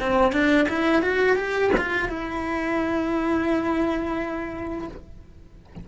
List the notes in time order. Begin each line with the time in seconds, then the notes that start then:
0.00 C4
0.32 D4
0.68 E4
1.02 F#4
1.36 G4
1.77 F4
2.09 E4